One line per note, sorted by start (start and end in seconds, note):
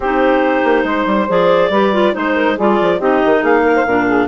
0.00 0.63 C4
0.00 1.28 D#4
0.00 0.85 G4
0.00 1.30 C5
0.64 0.83 A#3
0.83 1.05 G#3
0.83 1.70 C5
1.06 1.27 G3
1.28 1.69 F3
1.28 1.71 G#4
1.28 2.15 D5
1.69 2.12 G3
1.69 1.93 G4
1.69 2.13 B4
1.93 2.13 F4
2.13 2.58 G#3
2.13 2.56 D#4
2.13 2.58 C5
2.13 2.34 C5
2.34 2.55 A#4
2.55 2.80 G3
2.55 3.00 F4
2.55 2.97 G#4
2.55 3.00 D5
2.80 3.00 F3
2.97 3.21 C4
2.97 3.86 D#4
2.97 3.40 G4
2.97 3.43 D#5
3.25 3.42 D#3
3.40 3.85 A#3
3.40 3.62 G#4
3.40 4.28 F5
3.64 3.75 A#4
3.75 3.85 C5
3.85 4.27 A#2
3.85 4.28 D4
3.85 4.06 A#4
4.06 4.27 G#4